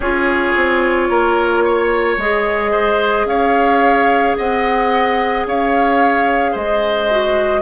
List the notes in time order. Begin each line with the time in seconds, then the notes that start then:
0.00 C#4 F4 G#4 C#5
0.55 C4
1.09 A#3 A#4
1.63 C#5
2.17 G#3 G#4 D#5
2.71 C5
3.25 C#4 C#5 F5
4.37 C4 D#5 F#5
5.46 C#4 C#5 F5
6.51 G#3 C5 D#5
7.10 F#4